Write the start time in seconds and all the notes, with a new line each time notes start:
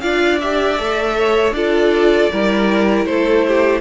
0.00 D4 F4 D5 F5
0.40 G4 E5
0.78 A3 A4
1.17 C#5
1.51 D4 F4 A4 D5
2.31 G3 E4 A#4
3.05 A3 A4 C5
3.47 G4